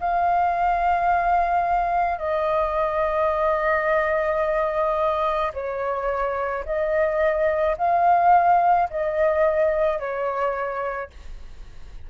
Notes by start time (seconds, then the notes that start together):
0.00 F5
2.19 D#5
5.54 C#5
6.66 D#5
7.78 F5
8.90 D#5
9.99 C#5